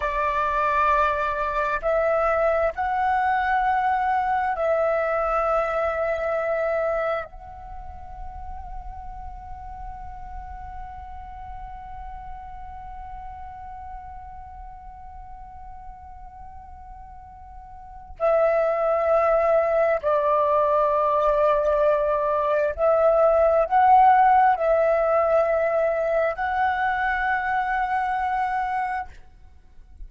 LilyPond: \new Staff \with { instrumentName = "flute" } { \time 4/4 \tempo 4 = 66 d''2 e''4 fis''4~ | fis''4 e''2. | fis''1~ | fis''1~ |
fis''1 | e''2 d''2~ | d''4 e''4 fis''4 e''4~ | e''4 fis''2. | }